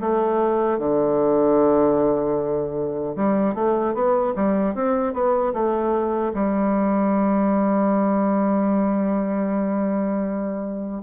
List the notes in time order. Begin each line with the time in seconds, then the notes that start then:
0.00 A3
0.78 D3
3.15 G3
3.54 A3
3.94 B3
4.35 G3
4.74 C4
5.13 B3
5.53 A3
6.34 G3